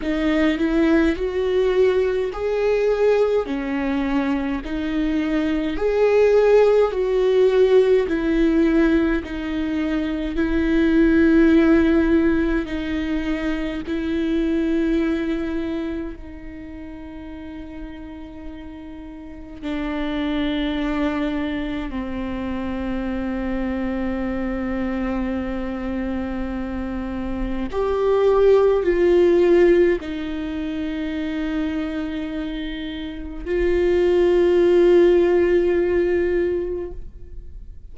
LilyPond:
\new Staff \with { instrumentName = "viola" } { \time 4/4 \tempo 4 = 52 dis'8 e'8 fis'4 gis'4 cis'4 | dis'4 gis'4 fis'4 e'4 | dis'4 e'2 dis'4 | e'2 dis'2~ |
dis'4 d'2 c'4~ | c'1 | g'4 f'4 dis'2~ | dis'4 f'2. | }